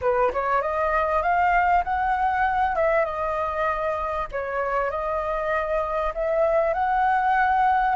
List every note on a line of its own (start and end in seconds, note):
0.01 0.31 B4
0.32 0.61 C#5
0.61 1.22 D#5
1.22 1.83 F5
1.84 2.75 F#5
2.75 3.04 E5
3.04 4.27 D#5
4.31 4.90 C#5
4.90 6.13 D#5
6.14 6.73 E5
6.73 7.95 F#5